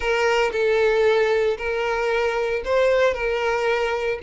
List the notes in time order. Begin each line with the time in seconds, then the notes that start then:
0.00 A#4
0.52 A4
1.57 A#4
2.64 C5
3.14 A#4